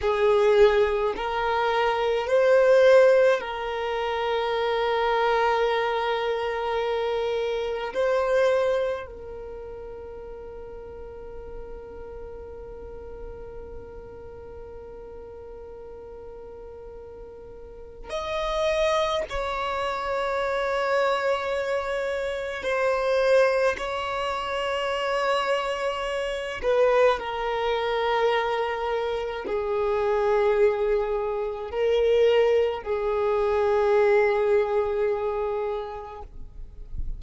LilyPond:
\new Staff \with { instrumentName = "violin" } { \time 4/4 \tempo 4 = 53 gis'4 ais'4 c''4 ais'4~ | ais'2. c''4 | ais'1~ | ais'1 |
dis''4 cis''2. | c''4 cis''2~ cis''8 b'8 | ais'2 gis'2 | ais'4 gis'2. | }